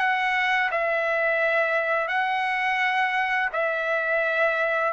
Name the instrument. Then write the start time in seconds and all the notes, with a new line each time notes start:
trumpet
0.00 F#5
0.72 E5
2.09 F#5
3.53 E5